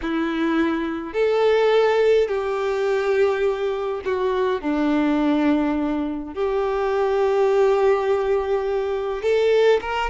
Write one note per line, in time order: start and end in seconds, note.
0.01 1.12 E4
1.12 2.28 A4
2.28 4.01 G4
4.04 4.61 F#4
4.61 6.34 D4
6.34 9.22 G4
9.22 9.79 A4
9.81 10.10 A#4